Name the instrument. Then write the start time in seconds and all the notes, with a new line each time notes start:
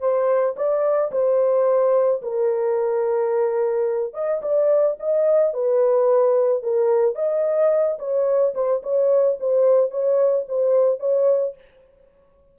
horn
0.00 C5
0.56 D5
1.11 C5
2.22 A#4
4.14 D#5
4.42 D5
5.00 D#5
5.54 B4
6.63 A#4
7.15 D#5
7.99 C#5
8.54 C5
8.83 C#5
9.40 C5
9.91 C#5
10.48 C5
11.00 C#5